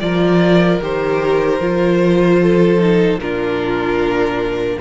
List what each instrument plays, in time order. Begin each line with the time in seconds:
0.00 cello F3, viola F4, violin A#4 D5
0.81 cello D#3, viola G4, violin C5
1.59 cello F3, viola F4
2.40 violin A4
2.79 viola D#4
3.17 cello A#2, viola D4, violin A#4
3.23 violin F4